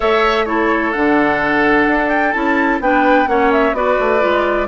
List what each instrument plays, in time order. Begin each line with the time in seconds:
0.00 bassoon A3, clarinet A4, oboe C#5, flute E5
0.45 clarinet E4, oboe A4, flute C#5
0.92 bassoon D3, clarinet D4, flute F#5
1.86 bassoon D4
2.09 flute G5
2.32 bassoon C#4, clarinet E4, flute A5
2.80 bassoon B3, clarinet D4, oboe B4, flute G5
3.26 bassoon A#3, clarinet C#4, oboe C#5, flute F#5
3.52 flute E5
3.72 bassoon B3, clarinet F#4, oboe B4, flute D5
3.99 bassoon A3
4.19 bassoon G#3, clarinet F4